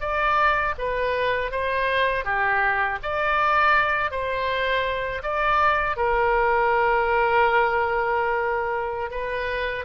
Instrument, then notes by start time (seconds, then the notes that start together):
oboe
0.00 D5
0.78 B4
1.51 C5
2.24 G4
3.02 D5
4.11 C5
5.22 D5
5.96 A#4
9.10 B4